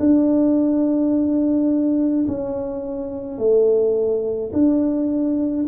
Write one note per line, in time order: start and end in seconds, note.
0.00 2.26 D4
2.28 3.39 C#4
3.39 4.52 A3
4.53 5.67 D4